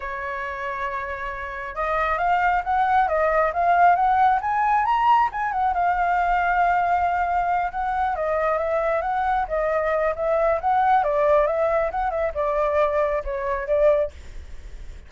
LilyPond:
\new Staff \with { instrumentName = "flute" } { \time 4/4 \tempo 4 = 136 cis''1 | dis''4 f''4 fis''4 dis''4 | f''4 fis''4 gis''4 ais''4 | gis''8 fis''8 f''2.~ |
f''4. fis''4 dis''4 e''8~ | e''8 fis''4 dis''4. e''4 | fis''4 d''4 e''4 fis''8 e''8 | d''2 cis''4 d''4 | }